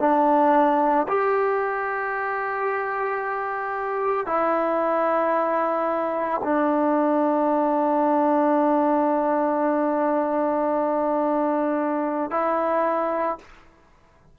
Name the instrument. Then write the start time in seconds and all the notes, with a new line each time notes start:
trombone
0.00 D4
1.09 G4
4.27 E4
6.44 D4
12.31 E4